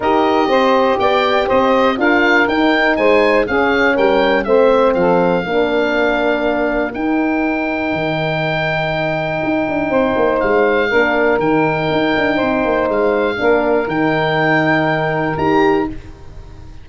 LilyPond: <<
  \new Staff \with { instrumentName = "oboe" } { \time 4/4 \tempo 4 = 121 dis''2 g''4 dis''4 | f''4 g''4 gis''4 f''4 | g''4 e''4 f''2~ | f''2 g''2~ |
g''1~ | g''4 f''2 g''4~ | g''2 f''2 | g''2. ais''4 | }
  \new Staff \with { instrumentName = "saxophone" } { \time 4/4 ais'4 c''4 d''4 c''4 | ais'2 c''4 gis'4 | ais'4 c''4 a'4 ais'4~ | ais'1~ |
ais'1 | c''2 ais'2~ | ais'4 c''2 ais'4~ | ais'1 | }
  \new Staff \with { instrumentName = "horn" } { \time 4/4 g'1 | f'4 dis'2 cis'4~ | cis'4 c'2 d'4~ | d'2 dis'2~ |
dis'1~ | dis'2 d'4 dis'4~ | dis'2. d'4 | dis'2. g'4 | }
  \new Staff \with { instrumentName = "tuba" } { \time 4/4 dis'4 c'4 b4 c'4 | d'4 dis'4 gis4 cis'4 | g4 a4 f4 ais4~ | ais2 dis'2 |
dis2. dis'8 d'8 | c'8 ais8 gis4 ais4 dis4 | dis'8 d'8 c'8 ais8 gis4 ais4 | dis2. dis'4 | }
>>